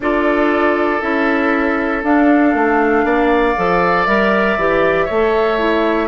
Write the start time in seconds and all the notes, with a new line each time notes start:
0.00 D4 F4 A4 D5
1.01 C#4 E4 E5
2.03 D4 F5
2.54 A3
3.04 A#3 D5
3.56 F3 A4
4.05 G3 A#4 E5
4.56 E3 G4
5.05 A3 A4 C#5
5.58 E4